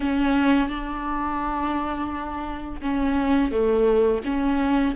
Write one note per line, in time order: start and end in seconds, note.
0.00 0.69 C#4
0.69 2.80 D4
2.81 3.51 C#4
3.51 4.22 A3
4.24 4.95 C#4